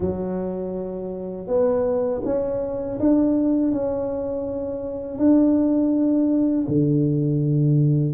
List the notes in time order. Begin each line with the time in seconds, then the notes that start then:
0.00 F#3
1.47 B3
2.24 C#4
2.99 D4
3.72 C#4
5.18 D4
6.68 D3